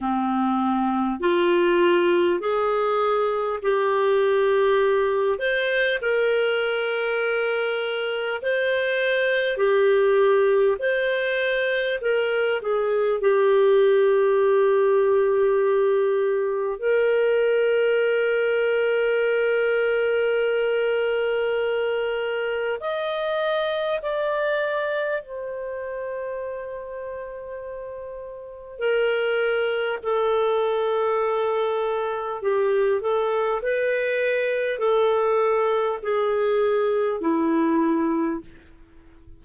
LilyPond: \new Staff \with { instrumentName = "clarinet" } { \time 4/4 \tempo 4 = 50 c'4 f'4 gis'4 g'4~ | g'8 c''8 ais'2 c''4 | g'4 c''4 ais'8 gis'8 g'4~ | g'2 ais'2~ |
ais'2. dis''4 | d''4 c''2. | ais'4 a'2 g'8 a'8 | b'4 a'4 gis'4 e'4 | }